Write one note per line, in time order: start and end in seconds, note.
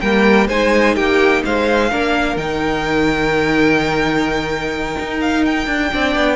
0.00 0.48 G3
0.00 0.49 A#3
0.00 0.47 A#4
0.00 0.47 G5
0.47 0.95 G#3
0.47 1.91 D#4
0.47 0.94 C5
0.47 0.95 G#5
0.94 1.43 A#3
0.94 1.42 G4
0.94 1.42 G5
1.44 1.92 G#3
1.44 1.90 C5
1.44 2.36 F5
1.90 2.36 A#3
1.90 2.38 D4
1.90 5.91 A#4
2.36 4.96 D#3
2.36 5.91 D#4
2.36 5.20 G5
4.99 5.66 D#4
5.21 5.44 F5
5.45 6.36 G5
5.66 5.90 D4
5.91 6.15 C4
5.91 6.36 D4
5.91 6.36 D5
6.15 6.36 B3